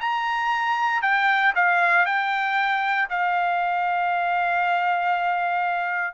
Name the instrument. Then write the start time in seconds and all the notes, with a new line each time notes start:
trumpet
0.00 A#5
1.01 G5
1.55 F5
2.05 G5
3.09 F5